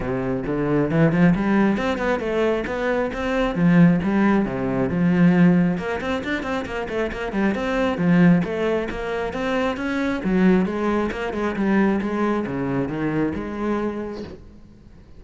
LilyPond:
\new Staff \with { instrumentName = "cello" } { \time 4/4 \tempo 4 = 135 c4 d4 e8 f8 g4 | c'8 b8 a4 b4 c'4 | f4 g4 c4 f4~ | f4 ais8 c'8 d'8 c'8 ais8 a8 |
ais8 g8 c'4 f4 a4 | ais4 c'4 cis'4 fis4 | gis4 ais8 gis8 g4 gis4 | cis4 dis4 gis2 | }